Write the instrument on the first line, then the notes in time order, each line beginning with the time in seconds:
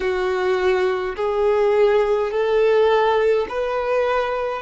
violin
0.00 F#4
1.15 G#4
2.31 A4
3.48 B4